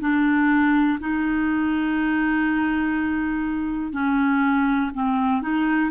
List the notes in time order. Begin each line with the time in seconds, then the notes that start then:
0.00 D4
1.00 D#4
3.93 C#4
4.94 C4
5.42 D#4